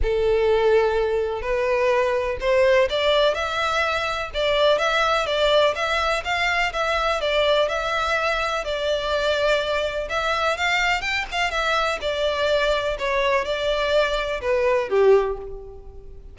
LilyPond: \new Staff \with { instrumentName = "violin" } { \time 4/4 \tempo 4 = 125 a'2. b'4~ | b'4 c''4 d''4 e''4~ | e''4 d''4 e''4 d''4 | e''4 f''4 e''4 d''4 |
e''2 d''2~ | d''4 e''4 f''4 g''8 f''8 | e''4 d''2 cis''4 | d''2 b'4 g'4 | }